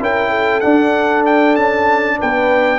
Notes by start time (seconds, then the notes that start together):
0.00 C#4 E4 A#4 G5
0.29 A4
0.60 D4 F#5
1.26 G5
1.56 C#4 A5
2.18 B3 B4 G5